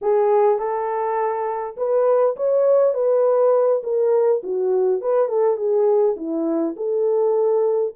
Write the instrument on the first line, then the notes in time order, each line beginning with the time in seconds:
horn
0.01 G#4
0.59 A4
1.76 B4
2.36 C#5
2.94 B4
3.83 A#4
4.43 F#4
5.01 B4
5.28 A4
5.56 G#4
6.16 E4
6.76 A4